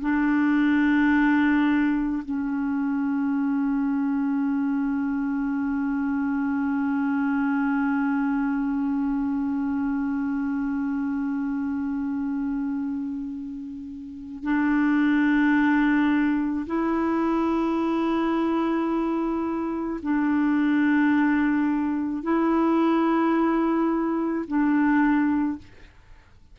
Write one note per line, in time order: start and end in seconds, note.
0.00 2.22 D4
2.25 14.43 C#4
14.43 16.65 D4
16.66 19.99 E4
20.03 22.23 D4
22.23 24.45 E4
24.47 25.58 D4